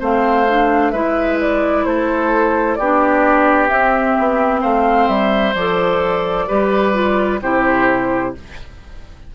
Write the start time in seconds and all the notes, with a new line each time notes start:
0.00 A3 C4 C5 F5
0.49 D4
0.92 G#3 E4 B4 E5
1.41 D5
1.85 A3 A4 C5
2.75 B3 G4 D5
2.82 D4
3.68 C4 E5
4.19 B3
4.61 A3 C5 F5
5.08 G3 E5
5.55 F3 A4 D5
6.48 G3 G4 B4
6.94 F4
7.42 C3 E4 G4 C5